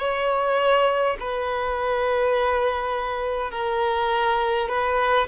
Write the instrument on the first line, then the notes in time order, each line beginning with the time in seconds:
violin
0.00 C#5
1.20 B4
3.51 A#4
4.69 B4